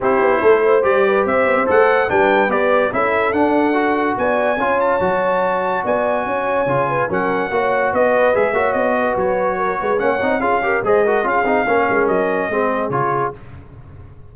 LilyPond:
<<
  \new Staff \with { instrumentName = "trumpet" } { \time 4/4 \tempo 4 = 144 c''2 d''4 e''4 | fis''4 g''4 d''4 e''4 | fis''2 gis''4. a''8~ | a''2 gis''2~ |
gis''4 fis''2 dis''4 | e''4 dis''4 cis''2 | fis''4 f''4 dis''4 f''4~ | f''4 dis''2 cis''4 | }
  \new Staff \with { instrumentName = "horn" } { \time 4/4 g'4 a'8 c''4 b'8 c''4~ | c''4 b'2 a'4~ | a'2 d''4 cis''4~ | cis''2 d''4 cis''4~ |
cis''8 b'8 ais'4 cis''4 b'4~ | b'8 cis''4 b'4. ais'8 b'8 | cis''4 gis'8 ais'8 c''8 ais'8 gis'4 | ais'2 gis'2 | }
  \new Staff \with { instrumentName = "trombone" } { \time 4/4 e'2 g'2 | a'4 d'4 g'4 e'4 | d'4 fis'2 f'4 | fis'1 |
f'4 cis'4 fis'2 | gis'8 fis'2.~ fis'8 | cis'8 dis'8 f'8 g'8 gis'8 fis'8 f'8 dis'8 | cis'2 c'4 f'4 | }
  \new Staff \with { instrumentName = "tuba" } { \time 4/4 c'8 b8 a4 g4 c'8 b16 c'16 | a4 g4 b4 cis'4 | d'2 b4 cis'4 | fis2 b4 cis'4 |
cis4 fis4 ais4 b4 | gis8 ais8 b4 fis4. gis8 | ais8 c'8 cis'4 gis4 cis'8 c'8 | ais8 gis8 fis4 gis4 cis4 | }
>>